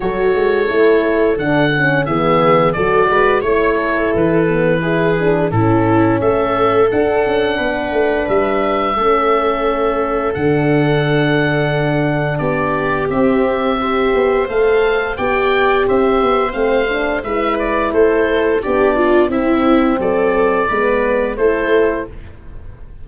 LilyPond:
<<
  \new Staff \with { instrumentName = "oboe" } { \time 4/4 \tempo 4 = 87 cis''2 fis''4 e''4 | d''4 cis''4 b'2 | a'4 e''4 fis''2 | e''2. fis''4~ |
fis''2 d''4 e''4~ | e''4 f''4 g''4 e''4 | f''4 e''8 d''8 c''4 d''4 | e''4 d''2 c''4 | }
  \new Staff \with { instrumentName = "viola" } { \time 4/4 a'2. gis'4 | a'8 b'8 cis''8 a'4. gis'4 | e'4 a'2 b'4~ | b'4 a'2.~ |
a'2 g'2 | c''2 d''4 c''4~ | c''4 b'4 a'4 g'8 f'8 | e'4 a'4 b'4 a'4 | }
  \new Staff \with { instrumentName = "horn" } { \time 4/4 fis'4 e'4 d'8 cis'8 b4 | fis'4 e'4. b8 e'8 d'8 | cis'2 d'2~ | d'4 cis'2 d'4~ |
d'2. c'4 | g'4 a'4 g'2 | c'8 d'8 e'2 d'4 | c'2 b4 e'4 | }
  \new Staff \with { instrumentName = "tuba" } { \time 4/4 fis8 gis8 a4 d4 e4 | fis8 gis8 a4 e2 | a,4 a4 d'8 cis'8 b8 a8 | g4 a2 d4~ |
d2 b4 c'4~ | c'8 b8 a4 b4 c'8 b8 | a4 gis4 a4 b4 | c'4 fis4 gis4 a4 | }
>>